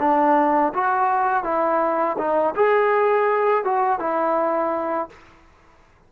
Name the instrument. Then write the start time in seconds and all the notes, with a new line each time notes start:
trombone
0.00 D4
0.75 F#4
1.44 E4
2.18 D#4
2.56 G#4
3.65 F#4
4.00 E4